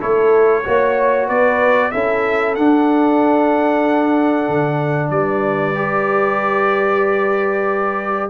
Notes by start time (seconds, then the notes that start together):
0.00 A3 E4 A4 C#5
0.65 A#3 F#4 C#5
1.27 B3 B4 D5
1.91 C#4 E4 A4 E5
2.56 D4 F#5
4.48 D3
5.10 G3 B4 D5
5.75 G4